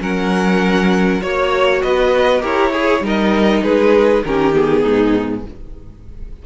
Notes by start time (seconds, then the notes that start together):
0.00 F#3 C#4 A#4 F#5
1.21 A#3 F#4 C#5
1.82 B3 B4 D#5
2.41 E4 G4 A#4 C#5
2.72 G#4
3.01 G3 D#4 A#4 D#5
3.62 G#3 G#4 B4
4.24 D#3 C#4 G4 A#4
4.53 B3 G#4
4.82 G#2 D#4